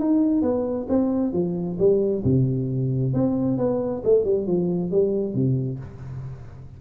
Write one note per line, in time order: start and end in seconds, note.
0.00 0.43 D#4
0.43 0.87 B3
0.89 1.33 C4
1.33 1.78 F3
1.79 2.24 G3
2.25 3.14 C3
3.14 3.58 C4
3.58 4.03 B3
4.05 4.25 A3
4.25 4.47 G3
4.47 4.92 F3
4.92 5.35 G3
5.35 5.80 C3